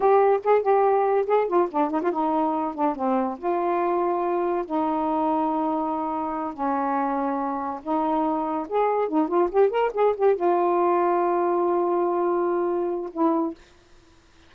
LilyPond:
\new Staff \with { instrumentName = "saxophone" } { \time 4/4 \tempo 4 = 142 g'4 gis'8 g'4. gis'8 f'8 | d'8 dis'16 f'16 dis'4. d'8 c'4 | f'2. dis'4~ | dis'2.~ dis'8 cis'8~ |
cis'2~ cis'8 dis'4.~ | dis'8 gis'4 dis'8 f'8 g'8 ais'8 gis'8 | g'8 f'2.~ f'8~ | f'2. e'4 | }